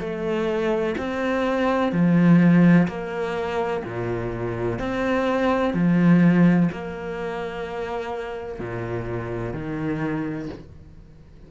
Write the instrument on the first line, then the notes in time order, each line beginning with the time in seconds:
cello
0.00 A3
0.98 C4
1.92 F3
2.88 A#3
3.84 A#2
4.80 C4
5.74 F3
6.72 A#3
8.60 A#2
9.54 D#3